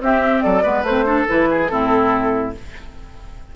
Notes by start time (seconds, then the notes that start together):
0.00 C4 G4 E5
0.42 F#3 A4 D5
0.63 G#3 B3 B4
0.82 A3 C4 C5
1.05 D4 A4
1.28 E3 E4 B4
1.51 G#4
1.68 A2 C4 E4 A4